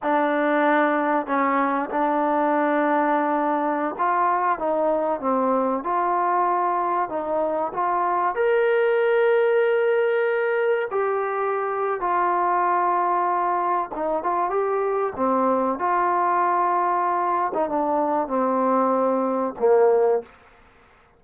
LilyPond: \new Staff \with { instrumentName = "trombone" } { \time 4/4 \tempo 4 = 95 d'2 cis'4 d'4~ | d'2~ d'16 f'4 dis'8.~ | dis'16 c'4 f'2 dis'8.~ | dis'16 f'4 ais'2~ ais'8.~ |
ais'4~ ais'16 g'4.~ g'16 f'4~ | f'2 dis'8 f'8 g'4 | c'4 f'2~ f'8. dis'16 | d'4 c'2 ais4 | }